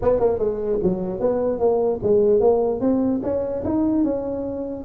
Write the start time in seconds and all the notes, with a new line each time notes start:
0.02 B3
0.19 A#3
0.38 G#3
0.82 F#3
1.20 B3
1.59 A#3
2.02 G#3
2.40 A#3
2.80 C4
3.22 C#4
3.64 D#4
4.04 C#4